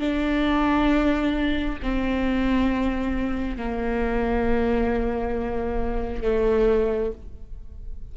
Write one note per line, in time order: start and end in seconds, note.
0.00 1.79 D4
1.83 3.57 C4
3.57 6.23 A#3
6.23 7.12 A3